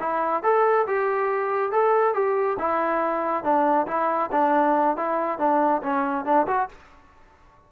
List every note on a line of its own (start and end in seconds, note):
0.00 0.43 E4
0.43 0.86 A4
0.87 1.72 G4
1.72 2.14 A4
2.14 2.57 G4
2.59 3.44 E4
3.44 3.87 D4
3.87 4.30 E4
4.32 4.97 D4
4.97 5.39 E4
5.39 5.82 D4
5.83 6.25 C#4
6.25 6.47 D4
6.47 6.68 F#4